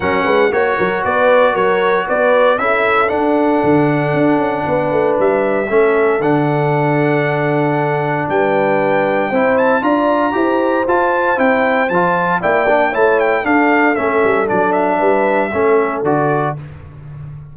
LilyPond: <<
  \new Staff \with { instrumentName = "trumpet" } { \time 4/4 \tempo 4 = 116 fis''4 cis''4 d''4 cis''4 | d''4 e''4 fis''2~ | fis''2 e''2 | fis''1 |
g''2~ g''8 a''8 ais''4~ | ais''4 a''4 g''4 a''4 | g''4 a''8 g''8 f''4 e''4 | d''8 e''2~ e''8 d''4 | }
  \new Staff \with { instrumentName = "horn" } { \time 4/4 ais'8 b'8 cis''8 ais'8 b'4 ais'4 | b'4 a'2.~ | a'4 b'2 a'4~ | a'1 |
b'2 c''4 d''4 | c''1 | d''4 cis''4 a'2~ | a'4 b'4 a'2 | }
  \new Staff \with { instrumentName = "trombone" } { \time 4/4 cis'4 fis'2.~ | fis'4 e'4 d'2~ | d'2. cis'4 | d'1~ |
d'2 e'4 f'4 | g'4 f'4 e'4 f'4 | e'8 d'8 e'4 d'4 cis'4 | d'2 cis'4 fis'4 | }
  \new Staff \with { instrumentName = "tuba" } { \time 4/4 fis8 gis8 ais8 fis8 b4 fis4 | b4 cis'4 d'4 d4 | d'8 cis'8 b8 a8 g4 a4 | d1 |
g2 c'4 d'4 | e'4 f'4 c'4 f4 | ais4 a4 d'4 a8 g8 | fis4 g4 a4 d4 | }
>>